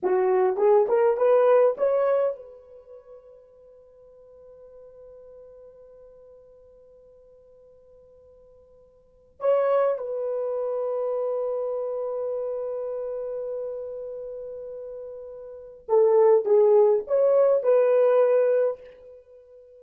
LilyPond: \new Staff \with { instrumentName = "horn" } { \time 4/4 \tempo 4 = 102 fis'4 gis'8 ais'8 b'4 cis''4 | b'1~ | b'1~ | b'1 |
cis''4 b'2.~ | b'1~ | b'2. a'4 | gis'4 cis''4 b'2 | }